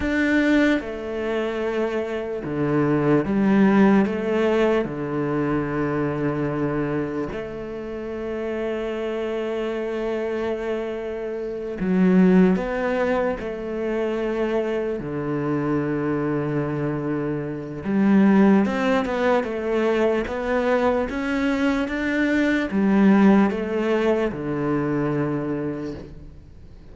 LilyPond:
\new Staff \with { instrumentName = "cello" } { \time 4/4 \tempo 4 = 74 d'4 a2 d4 | g4 a4 d2~ | d4 a2.~ | a2~ a8 fis4 b8~ |
b8 a2 d4.~ | d2 g4 c'8 b8 | a4 b4 cis'4 d'4 | g4 a4 d2 | }